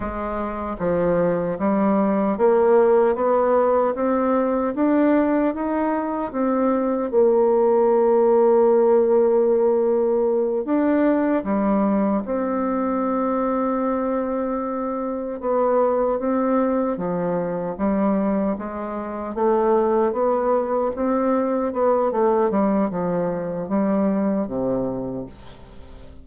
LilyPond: \new Staff \with { instrumentName = "bassoon" } { \time 4/4 \tempo 4 = 76 gis4 f4 g4 ais4 | b4 c'4 d'4 dis'4 | c'4 ais2.~ | ais4. d'4 g4 c'8~ |
c'2.~ c'8 b8~ | b8 c'4 f4 g4 gis8~ | gis8 a4 b4 c'4 b8 | a8 g8 f4 g4 c4 | }